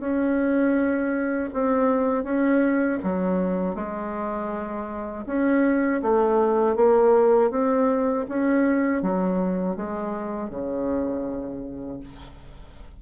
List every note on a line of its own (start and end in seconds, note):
0.00 1.50 C#4
1.54 2.24 C4
2.24 2.99 C#4
3.04 3.75 F#3
3.75 5.25 G#3
5.27 6.02 C#4
6.02 6.76 A3
6.76 7.51 A#3
7.51 8.26 C4
8.29 9.03 C#4
9.03 9.77 F#3
9.77 10.50 G#3
10.50 12.00 C#3